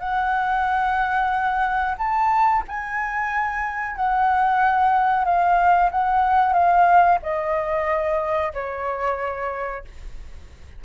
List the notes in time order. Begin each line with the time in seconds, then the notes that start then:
0.00 F#5
1.98 A5
2.69 G#5
3.96 F#5
5.25 F5
5.92 F#5
6.54 F5
7.23 D#5
8.54 C#5